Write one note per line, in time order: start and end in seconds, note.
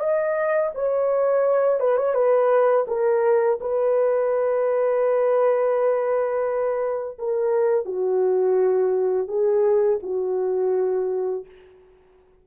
0.00 0.71 D#5
0.75 1.80 C#5
1.80 1.97 B4
1.97 2.15 C#5
2.15 2.86 B4
2.88 3.59 A#4
3.61 7.18 B4
7.19 7.86 A#4
7.86 9.28 F#4
9.28 10.00 G#4
10.03 11.45 F#4